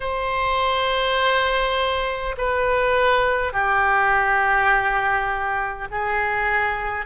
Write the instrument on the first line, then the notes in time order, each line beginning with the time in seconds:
oboe
0.00 C5
2.37 B4
3.52 G4
5.90 G#4